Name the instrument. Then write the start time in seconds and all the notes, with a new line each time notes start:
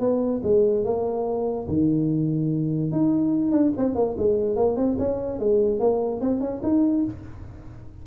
tuba
0.00 B3
0.43 G#3
0.84 A#3
1.68 D#3
2.92 D#4
3.52 D4
3.77 C4
3.95 A#3
4.18 G#3
4.56 A#3
4.76 C4
4.99 C#4
5.39 G#3
5.80 A#3
6.21 C4
6.40 C#4
6.63 D#4